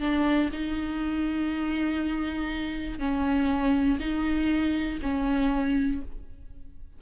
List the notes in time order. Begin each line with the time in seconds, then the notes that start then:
0.00 D4
0.53 D#4
2.99 C#4
3.99 D#4
5.02 C#4